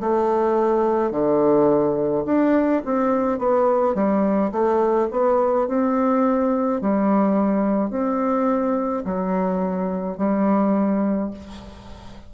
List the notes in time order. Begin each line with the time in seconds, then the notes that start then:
0.00 A3
1.11 D3
2.25 D4
2.85 C4
3.39 B3
3.95 G3
4.52 A3
5.11 B3
5.68 C4
6.81 G3
7.90 C4
9.05 F#3
10.17 G3